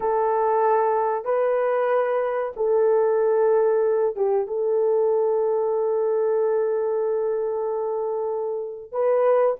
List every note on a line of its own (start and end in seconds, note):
0.00 1.24 A4
1.24 2.52 B4
2.56 4.15 A4
4.15 4.47 G4
4.47 8.92 A4
8.92 9.56 B4